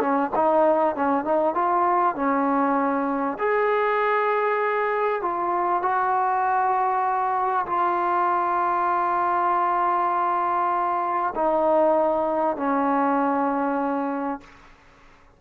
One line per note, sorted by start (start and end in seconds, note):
0.00 0.31 C#4
0.35 0.95 D#4
0.95 1.24 C#4
1.24 1.54 D#4
1.54 2.15 F4
2.15 3.38 C#4
3.38 5.22 G#4
5.22 5.82 F4
5.82 7.66 F#4
7.66 11.33 F4
11.35 12.57 D#4
12.57 14.40 C#4